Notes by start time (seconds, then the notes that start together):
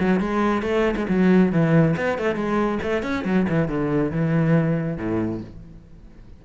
0.00 F#3
0.20 G#3
0.62 A3
0.96 G#3
1.09 F#3
1.52 E3
1.97 B3
2.18 A3
2.35 G#3
2.83 A3
3.03 C#4
3.25 F#3
3.49 E3
3.69 D3
4.12 E3
4.98 A2